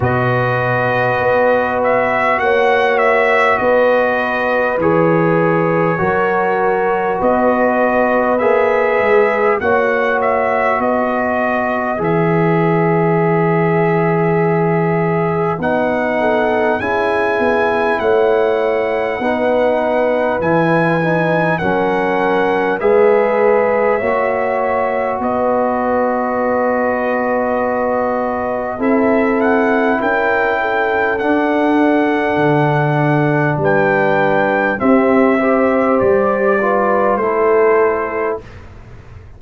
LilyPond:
<<
  \new Staff \with { instrumentName = "trumpet" } { \time 4/4 \tempo 4 = 50 dis''4. e''8 fis''8 e''8 dis''4 | cis''2 dis''4 e''4 | fis''8 e''8 dis''4 e''2~ | e''4 fis''4 gis''4 fis''4~ |
fis''4 gis''4 fis''4 e''4~ | e''4 dis''2. | e''8 fis''8 g''4 fis''2 | g''4 e''4 d''4 c''4 | }
  \new Staff \with { instrumentName = "horn" } { \time 4/4 b'2 cis''4 b'4~ | b'4 ais'4 b'2 | cis''4 b'2.~ | b'4. a'8 gis'4 cis''4 |
b'2 ais'4 b'4 | cis''4 b'2. | a'4 ais'8 a'2~ a'8 | b'4 g'8 c''4 b'8 a'4 | }
  \new Staff \with { instrumentName = "trombone" } { \time 4/4 fis'1 | gis'4 fis'2 gis'4 | fis'2 gis'2~ | gis'4 dis'4 e'2 |
dis'4 e'8 dis'8 cis'4 gis'4 | fis'1 | e'2 d'2~ | d'4 c'8 g'4 f'8 e'4 | }
  \new Staff \with { instrumentName = "tuba" } { \time 4/4 b,4 b4 ais4 b4 | e4 fis4 b4 ais8 gis8 | ais4 b4 e2~ | e4 b4 cis'8 b8 a4 |
b4 e4 fis4 gis4 | ais4 b2. | c'4 cis'4 d'4 d4 | g4 c'4 g4 a4 | }
>>